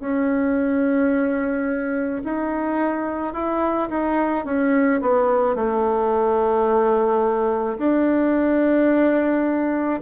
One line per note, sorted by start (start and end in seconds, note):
0.00 2.22 C#4
2.24 3.34 D#4
3.34 3.89 E4
3.89 4.45 D#4
4.45 5.01 C#4
5.02 5.56 B3
5.56 7.78 A3
7.78 10.01 D4